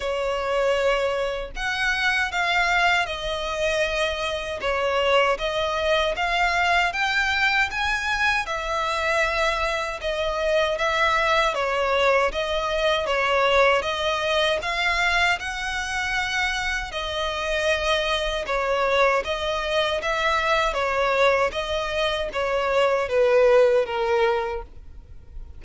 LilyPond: \new Staff \with { instrumentName = "violin" } { \time 4/4 \tempo 4 = 78 cis''2 fis''4 f''4 | dis''2 cis''4 dis''4 | f''4 g''4 gis''4 e''4~ | e''4 dis''4 e''4 cis''4 |
dis''4 cis''4 dis''4 f''4 | fis''2 dis''2 | cis''4 dis''4 e''4 cis''4 | dis''4 cis''4 b'4 ais'4 | }